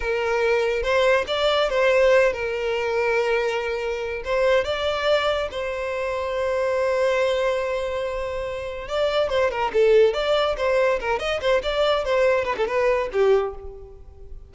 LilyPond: \new Staff \with { instrumentName = "violin" } { \time 4/4 \tempo 4 = 142 ais'2 c''4 d''4 | c''4. ais'2~ ais'8~ | ais'2 c''4 d''4~ | d''4 c''2.~ |
c''1~ | c''4 d''4 c''8 ais'8 a'4 | d''4 c''4 ais'8 dis''8 c''8 d''8~ | d''8 c''4 b'16 a'16 b'4 g'4 | }